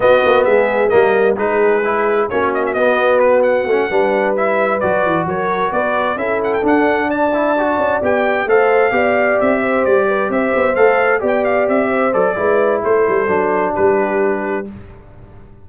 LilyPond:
<<
  \new Staff \with { instrumentName = "trumpet" } { \time 4/4 \tempo 4 = 131 dis''4 e''4 dis''4 b'4~ | b'4 cis''8 dis''16 e''16 dis''4 b'8 fis''8~ | fis''4. e''4 d''4 cis''8~ | cis''8 d''4 e''8 fis''16 g''16 fis''4 a''8~ |
a''4. g''4 f''4.~ | f''8 e''4 d''4 e''4 f''8~ | f''8 g''8 f''8 e''4 d''4. | c''2 b'2 | }
  \new Staff \with { instrumentName = "horn" } { \time 4/4 fis'4 gis'4 ais'4 gis'4~ | gis'4 fis'2.~ | fis'8 b'2. ais'8~ | ais'8 b'4 a'2 d''8~ |
d''2~ d''8 c''4 d''8~ | d''4 c''4 b'8 c''4.~ | c''8 d''4. c''4 b'4 | a'2 g'2 | }
  \new Staff \with { instrumentName = "trombone" } { \time 4/4 b2 ais4 dis'4 | e'4 cis'4 b2 | cis'8 d'4 e'4 fis'4.~ | fis'4. e'4 d'4. |
e'8 fis'4 g'4 a'4 g'8~ | g'2.~ g'8 a'8~ | a'8 g'2 a'8 e'4~ | e'4 d'2. | }
  \new Staff \with { instrumentName = "tuba" } { \time 4/4 b8 ais8 gis4 g4 gis4~ | gis4 ais4 b2 | a8 g2 fis8 e8 fis8~ | fis8 b4 cis'4 d'4.~ |
d'4 cis'8 b4 a4 b8~ | b8 c'4 g4 c'8 b8 a8~ | a8 b4 c'4 fis8 gis4 | a8 g8 fis4 g2 | }
>>